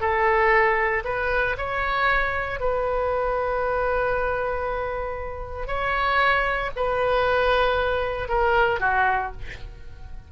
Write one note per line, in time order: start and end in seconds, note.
0.00 1.03 A4
1.04 1.56 B4
1.57 2.60 C#5
2.60 5.67 B4
5.67 6.70 C#5
6.76 8.28 B4
8.28 8.80 A#4
8.80 9.32 F#4